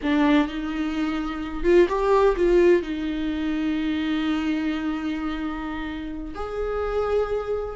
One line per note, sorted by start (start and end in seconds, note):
0.03 0.47 D4
0.47 1.63 D#4
1.63 1.87 F4
1.88 2.35 G4
2.35 2.82 F4
2.82 6.34 D#4
6.34 7.75 G#4